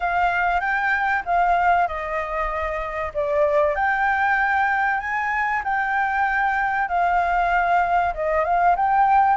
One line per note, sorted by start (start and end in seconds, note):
0.00 0.60 F5
0.60 1.22 G5
1.25 1.87 F5
1.87 3.12 D#5
3.14 3.75 D5
3.75 5.00 G5
5.00 5.62 G#5
5.64 6.88 G5
6.88 8.13 F5
8.14 8.44 D#5
8.44 8.75 F5
8.76 9.37 G5